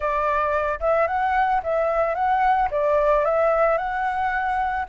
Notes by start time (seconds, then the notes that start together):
0.00 D5
0.80 E5
1.07 F#5
1.63 E5
2.14 F#5
2.70 D5
3.24 E5
3.77 F#5